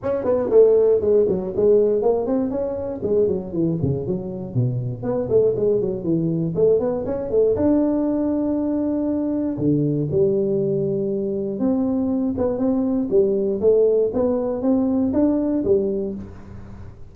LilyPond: \new Staff \with { instrumentName = "tuba" } { \time 4/4 \tempo 4 = 119 cis'8 b8 a4 gis8 fis8 gis4 | ais8 c'8 cis'4 gis8 fis8 e8 cis8 | fis4 b,4 b8 a8 gis8 fis8 | e4 a8 b8 cis'8 a8 d'4~ |
d'2. d4 | g2. c'4~ | c'8 b8 c'4 g4 a4 | b4 c'4 d'4 g4 | }